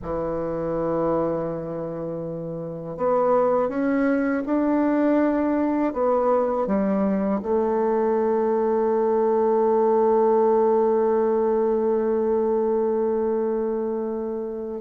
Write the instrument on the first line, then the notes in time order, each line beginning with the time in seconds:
bassoon
0.02 E3
2.97 B3
3.68 C#4
4.45 D4
5.93 B3
6.67 G3
7.42 A3